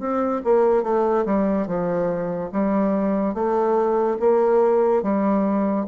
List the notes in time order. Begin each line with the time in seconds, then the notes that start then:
0.00 C4
0.44 A#3
0.83 A3
1.25 G3
1.67 F3
2.52 G3
3.34 A3
4.20 A#3
5.03 G3